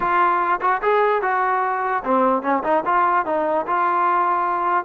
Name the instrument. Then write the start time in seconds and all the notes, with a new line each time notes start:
trombone
0.00 F4
0.61 F#4
0.82 G#4
1.22 F#4
2.04 C4
2.42 C#4
2.63 D#4
2.85 F4
3.25 D#4
3.66 F4